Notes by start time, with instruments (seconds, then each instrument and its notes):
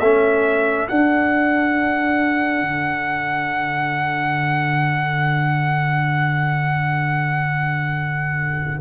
0.00 tuba A3, trombone C#4, horn A4, trumpet E5
0.89 trombone D4, tuba D4, trumpet F#5
2.62 tuba D3